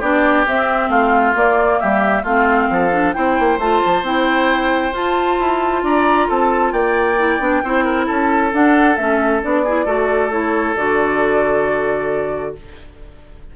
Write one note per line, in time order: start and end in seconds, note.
0.00 0.46 B3
0.00 0.47 D4
0.00 0.90 G4
0.00 0.46 D5
0.47 0.89 C4
0.47 1.36 C4
0.47 0.91 E5
0.89 1.34 A3
0.89 1.80 F4
0.89 1.36 F5
1.36 1.81 A#3
1.36 2.25 A#3
1.36 1.81 D5
1.81 2.24 G3
1.81 2.23 G4
1.81 2.25 E5
2.23 2.69 A3
2.23 2.92 C4
2.23 2.68 F4
2.23 3.14 F5
2.70 3.15 F3
2.70 3.16 A4
2.92 3.14 D4
3.14 3.40 C4
3.14 3.59 E4
3.14 5.84 C5
3.14 3.58 G5
3.40 3.59 A#3
3.59 3.81 A3
3.59 4.05 F4
3.59 4.05 A5
3.86 4.03 F3
4.03 4.93 C4
4.03 4.93 E4
4.03 4.96 G5
4.93 7.17 F4
4.93 5.38 F4
4.93 5.85 A5
5.40 5.83 E4
5.83 6.28 D4
5.83 6.28 D5
5.83 6.30 A#5
6.28 6.73 C4
6.28 6.73 A4
6.28 6.73 A5
6.73 7.40 A#3
6.73 7.63 D5
6.73 8.07 G5
7.18 7.40 E4
7.40 7.62 B3
7.40 7.63 D4
7.64 8.09 C4
7.64 8.52 E4
7.64 7.85 C5
7.85 8.06 A#4
8.06 8.54 C#4
8.06 9.63 A4
8.06 8.53 A5
8.52 8.97 D4
8.52 8.98 D4
8.52 8.97 F#5
8.97 9.42 A3
8.97 9.42 C#4
8.97 9.42 E5
9.42 9.86 B3
9.42 9.65 D4
9.42 10.31 D5
9.65 9.86 E4
9.65 9.86 G#4
9.86 10.76 A3
9.86 10.31 F#4
9.86 12.54 A4
10.31 10.76 E4
10.31 10.76 C#5
10.77 12.56 D3
10.77 12.57 F#4
10.77 12.56 D5